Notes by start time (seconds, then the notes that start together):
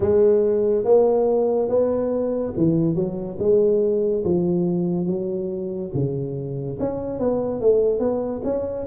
0.00 G#3
0.84 A#3
1.68 B3
2.56 E3
2.95 F#3
3.39 G#3
4.24 F3
5.06 F#3
5.94 C#3
6.79 C#4
7.19 B3
7.61 A3
7.99 B3
8.44 C#4